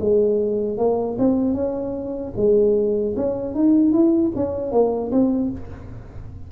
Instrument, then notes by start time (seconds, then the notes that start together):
tuba
0.00 G#3
0.78 A#3
1.18 C4
1.54 C#4
2.36 G#3
3.17 C#4
3.55 D#4
3.93 E4
4.36 C#4
4.72 A#3
5.11 C4